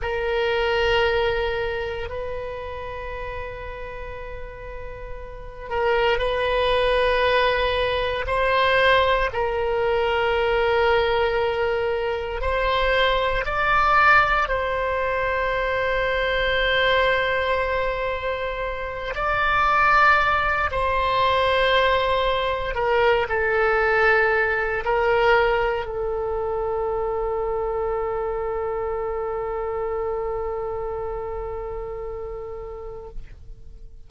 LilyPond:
\new Staff \with { instrumentName = "oboe" } { \time 4/4 \tempo 4 = 58 ais'2 b'2~ | b'4. ais'8 b'2 | c''4 ais'2. | c''4 d''4 c''2~ |
c''2~ c''8 d''4. | c''2 ais'8 a'4. | ais'4 a'2.~ | a'1 | }